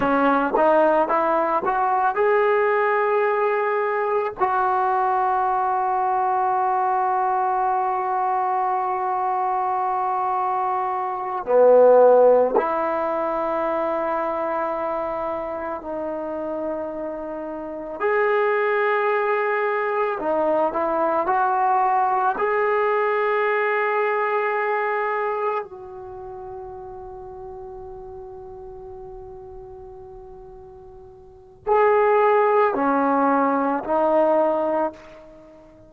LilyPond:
\new Staff \with { instrumentName = "trombone" } { \time 4/4 \tempo 4 = 55 cis'8 dis'8 e'8 fis'8 gis'2 | fis'1~ | fis'2~ fis'8 b4 e'8~ | e'2~ e'8 dis'4.~ |
dis'8 gis'2 dis'8 e'8 fis'8~ | fis'8 gis'2. fis'8~ | fis'1~ | fis'4 gis'4 cis'4 dis'4 | }